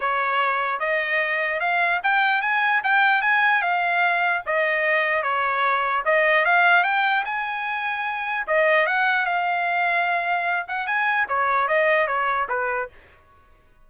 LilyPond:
\new Staff \with { instrumentName = "trumpet" } { \time 4/4 \tempo 4 = 149 cis''2 dis''2 | f''4 g''4 gis''4 g''4 | gis''4 f''2 dis''4~ | dis''4 cis''2 dis''4 |
f''4 g''4 gis''2~ | gis''4 dis''4 fis''4 f''4~ | f''2~ f''8 fis''8 gis''4 | cis''4 dis''4 cis''4 b'4 | }